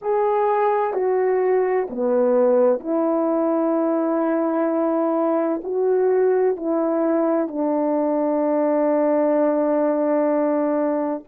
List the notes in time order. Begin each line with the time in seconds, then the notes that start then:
0.01 G#4
0.93 F#4
1.90 B3
2.80 E4
5.63 F#4
6.56 E4
7.47 D4